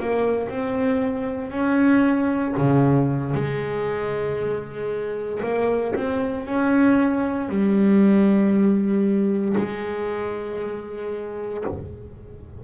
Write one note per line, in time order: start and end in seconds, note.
0.00 0.49 A#3
0.49 1.51 C4
1.51 2.54 C#4
2.57 3.34 C#3
3.34 5.41 G#3
5.43 5.95 A#3
5.95 6.46 C4
6.46 7.49 C#4
7.49 9.56 G3
9.57 11.65 G#3